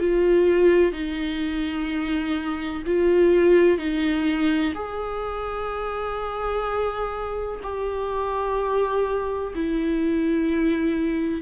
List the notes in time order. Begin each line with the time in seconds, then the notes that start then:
0.00 F4
0.92 D#4
2.86 F4
3.78 D#4
4.74 G#4
7.63 G4
9.55 E4